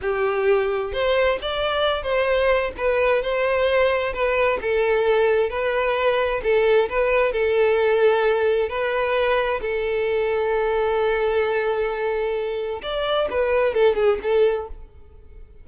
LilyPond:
\new Staff \with { instrumentName = "violin" } { \time 4/4 \tempo 4 = 131 g'2 c''4 d''4~ | d''8 c''4. b'4 c''4~ | c''4 b'4 a'2 | b'2 a'4 b'4 |
a'2. b'4~ | b'4 a'2.~ | a'1 | d''4 b'4 a'8 gis'8 a'4 | }